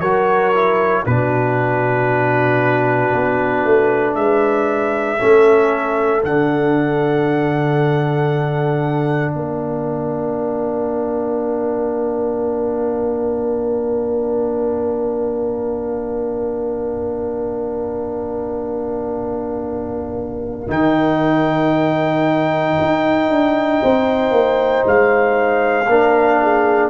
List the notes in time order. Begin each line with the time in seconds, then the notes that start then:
0.00 F#3 F#4 A#4 C#5
0.54 E4
1.06 B2 D4 F#4 B4
3.13 B3
3.64 A3
4.14 G#3 B4 E5
5.17 A3 C#4 A4
6.22 D3 D4 F#5
9.33 A#3 A#4 F5
20.68 D#3 D#4 G5
22.80 D#4
23.29 D4
23.82 C4 C5
24.30 A#3
24.86 G#3 F5
25.87 A#3 D4 A#4
26.42 G#4